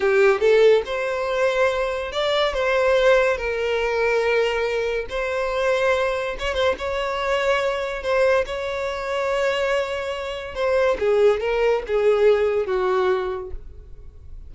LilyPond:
\new Staff \with { instrumentName = "violin" } { \time 4/4 \tempo 4 = 142 g'4 a'4 c''2~ | c''4 d''4 c''2 | ais'1 | c''2. cis''8 c''8 |
cis''2. c''4 | cis''1~ | cis''4 c''4 gis'4 ais'4 | gis'2 fis'2 | }